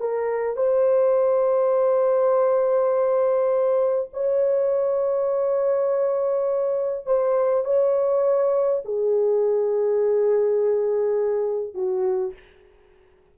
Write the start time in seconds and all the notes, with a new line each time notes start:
0.00 A#4
0.57 C5
4.13 C#5
7.06 C5
7.65 C#5
8.85 G#4
11.74 F#4